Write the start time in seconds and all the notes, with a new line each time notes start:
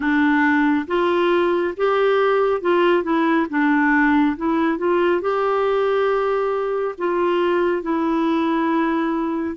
0.00 D4
0.87 F4
1.76 G4
2.61 F4
3.03 E4
3.49 D4
4.36 E4
4.77 F4
5.21 G4
6.98 F4
7.82 E4